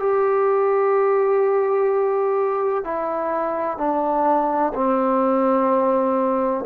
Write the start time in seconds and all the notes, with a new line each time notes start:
0.00 G4
2.84 E4
3.78 D4
4.75 C4